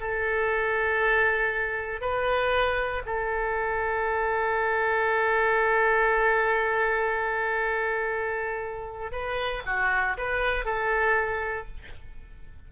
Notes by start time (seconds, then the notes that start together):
0.00 A4
2.01 B4
3.06 A4
9.12 B4
9.66 F#4
10.17 B4
10.65 A4